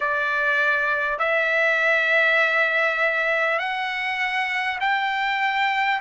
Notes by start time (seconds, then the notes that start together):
0.00 D5
1.18 E5
3.58 F#5
4.80 G5